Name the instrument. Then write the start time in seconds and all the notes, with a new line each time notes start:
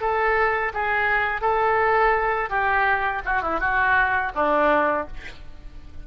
oboe
0.00 A4
0.73 G#4
1.41 A4
2.49 G4
3.25 F#4
3.42 E4
3.59 F#4
4.34 D4